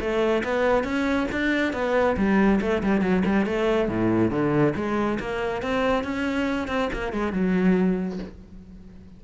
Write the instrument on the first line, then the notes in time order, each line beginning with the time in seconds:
cello
0.00 A3
0.44 B3
0.84 C#4
1.32 D4
1.73 B3
2.17 G3
2.61 A3
2.83 G3
3.01 F#3
3.26 G3
3.46 A3
3.89 A2
4.31 D3
4.75 G#3
5.20 A#3
5.62 C4
6.04 C#4
6.68 C4
6.93 A#3
7.13 G#3
7.33 F#3